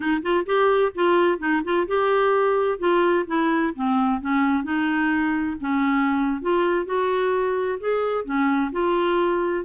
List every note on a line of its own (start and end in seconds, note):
0.00 0.21 D#4
0.22 0.45 F4
0.45 0.92 G4
0.95 1.38 F4
1.38 1.62 D#4
1.63 1.87 F4
1.87 2.78 G4
2.78 3.25 F4
3.27 3.73 E4
3.75 4.21 C4
4.21 4.63 C#4
4.63 5.56 D#4
5.60 6.41 C#4
6.41 6.85 F4
6.85 7.78 F#4
7.79 8.24 G#4
8.24 8.71 C#4
8.72 9.65 F4